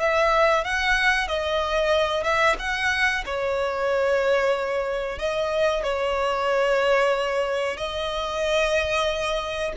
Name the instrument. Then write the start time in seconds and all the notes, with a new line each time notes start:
violin
0.00 E5
0.64 F#5
1.28 D#5
2.23 E5
2.59 F#5
3.25 C#5
5.19 D#5
5.83 C#5
7.77 D#5